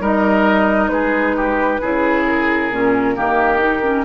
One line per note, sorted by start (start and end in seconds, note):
0.00 0.88 G3
0.00 1.80 D#4
0.00 0.90 A#4
0.00 0.88 D#5
0.88 1.78 G#3
0.88 1.36 G#4
0.88 2.23 B4
1.36 1.81 G4
1.81 2.71 C#3
1.81 2.71 E4
1.81 3.15 G#4
2.26 4.05 A#4
2.71 3.16 A#2
2.71 3.16 C#4
3.16 4.05 D#3
3.16 3.58 A#3
3.16 4.05 G4
3.58 3.81 D#4
3.83 4.05 C#4